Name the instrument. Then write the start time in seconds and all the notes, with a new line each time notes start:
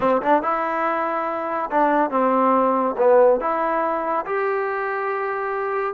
trombone
0.00 C4
0.22 D4
0.42 E4
1.70 D4
2.10 C4
2.97 B3
3.40 E4
4.25 G4